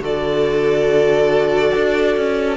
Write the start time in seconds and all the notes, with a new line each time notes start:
0.00 D3 F#4 A4 D5
1.75 D4
2.16 C#4